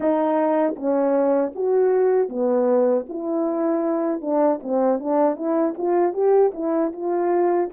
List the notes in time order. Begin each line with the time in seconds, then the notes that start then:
0.00 D#4
0.76 C#4
1.55 F#4
2.28 B3
3.08 E4
4.21 D4
4.63 C4
4.99 D4
5.36 E4
5.77 F4
6.13 G4
6.53 E4
6.92 F4